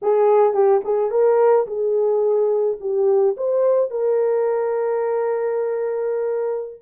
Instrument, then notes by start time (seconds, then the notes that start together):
horn
0.02 G#4
0.53 G4
0.84 G#4
1.10 A#4
1.66 G#4
2.80 G4
3.36 C5
3.90 A#4